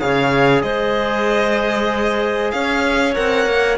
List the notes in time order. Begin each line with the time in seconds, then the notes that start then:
0.00 C#3 G#4 C#5 F5
0.62 G#3 C5 D#5
2.51 C#4 C#5 F5
3.14 C4 A#4 F#5
3.46 A#3